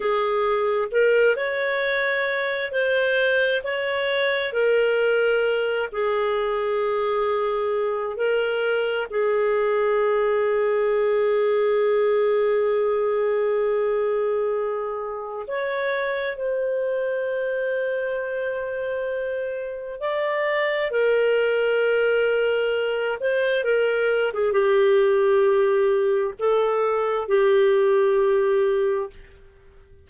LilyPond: \new Staff \with { instrumentName = "clarinet" } { \time 4/4 \tempo 4 = 66 gis'4 ais'8 cis''4. c''4 | cis''4 ais'4. gis'4.~ | gis'4 ais'4 gis'2~ | gis'1~ |
gis'4 cis''4 c''2~ | c''2 d''4 ais'4~ | ais'4. c''8 ais'8. gis'16 g'4~ | g'4 a'4 g'2 | }